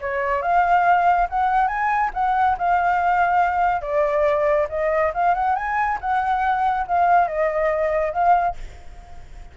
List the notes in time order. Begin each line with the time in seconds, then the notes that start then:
0.00 C#5
0.42 F5
1.29 F#5
1.67 G#5
2.13 F#5
2.58 F5
3.81 D5
4.69 D#5
5.14 F5
5.34 F#5
5.55 G#5
6.00 F#5
6.87 F5
7.27 D#5
8.12 F5